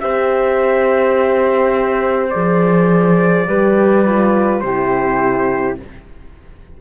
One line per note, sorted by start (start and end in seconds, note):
0.00 2.34 C4
0.00 2.32 G4
0.00 3.48 C5
0.00 2.30 E5
2.30 3.48 F3
2.30 3.49 G#4
2.30 4.61 D5
3.48 4.63 G3
3.48 4.06 G4
3.48 4.63 B4
4.06 4.64 F4
4.61 5.78 C3
4.61 5.81 E4
4.61 5.80 G4
4.61 5.76 C5